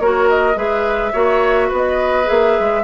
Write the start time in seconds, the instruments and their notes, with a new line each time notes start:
0.00 bassoon A#3, clarinet F#4, oboe A#4, flute C#5
0.29 flute D#5
0.55 bassoon G#3, clarinet G#4, oboe B4, flute E5
1.13 bassoon A#3, clarinet F#4, oboe C#5
1.68 bassoon B3, oboe B4
1.76 flute D#5
2.24 clarinet G#4, flute E5
2.31 bassoon A#3
2.60 bassoon G#3